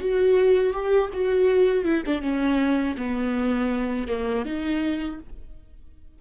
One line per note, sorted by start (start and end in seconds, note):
0.00 0.73 F#4
0.73 1.10 G4
1.13 1.84 F#4
1.84 2.03 E4
2.06 2.22 D4
2.22 2.96 C#4
2.97 4.08 B3
4.08 4.45 A#3
4.45 5.19 D#4